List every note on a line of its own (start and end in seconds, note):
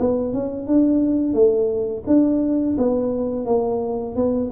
0.00 0.33 B3
0.33 0.67 C#4
0.67 1.34 D4
1.34 2.04 A3
2.07 2.77 D4
2.78 3.46 B3
3.46 4.15 A#3
4.16 4.51 B3